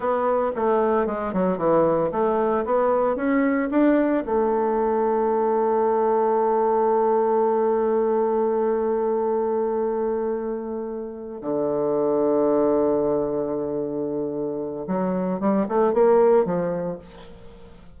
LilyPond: \new Staff \with { instrumentName = "bassoon" } { \time 4/4 \tempo 4 = 113 b4 a4 gis8 fis8 e4 | a4 b4 cis'4 d'4 | a1~ | a1~ |
a1~ | a4. d2~ d8~ | d1 | fis4 g8 a8 ais4 f4 | }